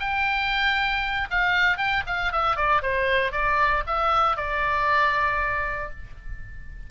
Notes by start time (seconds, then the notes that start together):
0.00 G5
1.31 F5
1.78 G5
2.07 F5
2.33 E5
2.57 D5
2.83 C5
3.32 D5
3.87 E5
4.37 D5